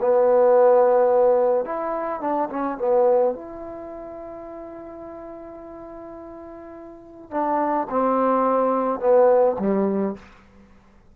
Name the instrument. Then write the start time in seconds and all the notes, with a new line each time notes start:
trombone
0.00 B3
1.65 E4
2.20 D4
2.50 C#4
2.78 B3
3.34 E4
7.30 D4
7.90 C4
8.99 B3
9.59 G3